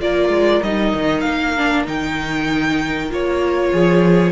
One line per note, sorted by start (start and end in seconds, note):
0.00 0.29 A#3
0.00 0.62 F4
0.00 3.72 A#4
0.00 0.63 D5
0.29 0.60 G#3
0.62 0.93 G3
0.62 1.57 D#4
0.62 1.21 D#5
0.94 1.24 D#3
1.21 1.86 A#3
1.21 1.82 F5
1.57 1.85 D4
1.85 3.10 D#3
1.85 3.09 D#4
1.85 3.11 G5
3.10 3.72 A#3
3.10 4.31 F4
3.10 4.31 C#5
3.72 4.31 F3
3.72 4.31 G#4